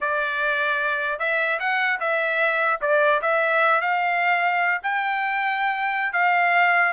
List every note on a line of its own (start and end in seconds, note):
0.01 1.19 D5
1.19 1.59 E5
1.59 1.99 F#5
2.00 2.80 E5
2.81 3.21 D5
3.21 3.81 E5
3.81 4.81 F5
4.83 6.12 G5
6.12 6.92 F5